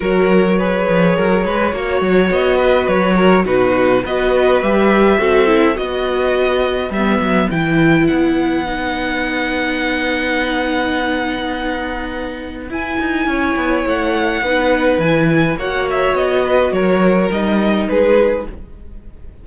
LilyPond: <<
  \new Staff \with { instrumentName = "violin" } { \time 4/4 \tempo 4 = 104 cis''1 | dis''4 cis''4 b'4 dis''4 | e''2 dis''2 | e''4 g''4 fis''2~ |
fis''1~ | fis''2 gis''2 | fis''2 gis''4 fis''8 e''8 | dis''4 cis''4 dis''4 b'4 | }
  \new Staff \with { instrumentName = "violin" } { \time 4/4 ais'4 b'4 ais'8 b'8 cis''4~ | cis''8 b'4 ais'8 fis'4 b'4~ | b'4 a'4 b'2~ | b'1~ |
b'1~ | b'2. cis''4~ | cis''4 b'2 cis''4~ | cis''8 b'8 ais'2 gis'4 | }
  \new Staff \with { instrumentName = "viola" } { \time 4/4 fis'4 gis'2 fis'4~ | fis'2 dis'4 fis'4 | g'4 fis'8 e'8 fis'2 | b4 e'2 dis'4~ |
dis'1~ | dis'2 e'2~ | e'4 dis'4 e'4 fis'4~ | fis'2 dis'2 | }
  \new Staff \with { instrumentName = "cello" } { \time 4/4 fis4. f8 fis8 gis8 ais8 fis8 | b4 fis4 b,4 b4 | g4 c'4 b2 | g8 fis8 e4 b2~ |
b1~ | b2 e'8 dis'8 cis'8 b8 | a4 b4 e4 ais4 | b4 fis4 g4 gis4 | }
>>